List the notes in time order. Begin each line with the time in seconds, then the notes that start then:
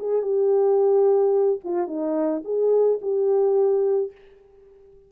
0.00 G#4
0.23 G4
1.65 F4
1.88 D#4
2.45 G#4
3.02 G4